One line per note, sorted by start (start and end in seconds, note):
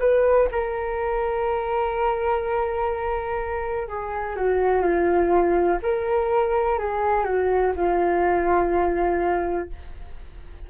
0.00 0.48 B4
0.52 3.88 A#4
3.88 4.36 G#4
4.36 4.82 F#4
4.82 5.79 F4
5.83 6.79 A#4
6.79 7.24 G#4
7.24 7.73 F#4
7.76 9.70 F4